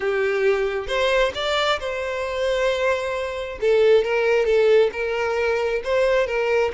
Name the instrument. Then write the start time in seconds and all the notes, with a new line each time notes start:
violin
0.00 G4
0.87 C5
1.34 D5
1.79 C5
3.60 A4
4.04 A#4
4.45 A4
4.92 A#4
5.84 C5
6.26 A#4